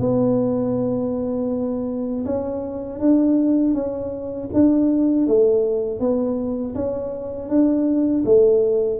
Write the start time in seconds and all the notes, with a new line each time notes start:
0.00 B3
2.25 C#4
2.99 D4
3.74 C#4
4.53 D4
5.27 A3
6.00 B3
6.75 C#4
7.49 D4
8.25 A3